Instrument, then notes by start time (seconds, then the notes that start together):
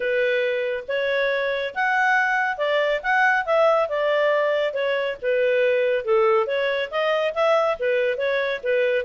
clarinet
0.00 B4
0.88 C#5
1.74 F#5
2.57 D5
3.02 F#5
3.45 E5
3.88 D5
4.73 C#5
5.21 B4
6.05 A4
6.46 C#5
6.91 D#5
7.34 E5
7.79 B4
8.17 C#5
8.63 B4